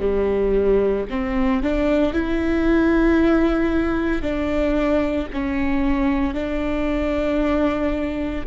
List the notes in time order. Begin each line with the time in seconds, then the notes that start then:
0.00 G3
1.10 C4
1.63 D4
2.13 E4
4.22 D4
5.33 C#4
6.34 D4